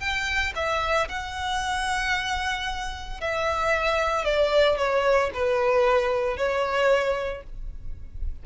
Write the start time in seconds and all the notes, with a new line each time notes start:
0.00 G5
0.56 E5
1.09 F#5
3.21 E5
4.25 D5
4.78 C#5
5.34 B4
6.37 C#5